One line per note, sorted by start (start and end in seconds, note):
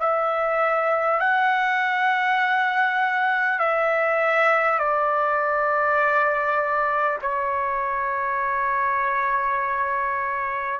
0.00 1.20 E5
1.20 3.59 F#5
3.59 4.78 E5
4.78 7.18 D5
7.21 10.79 C#5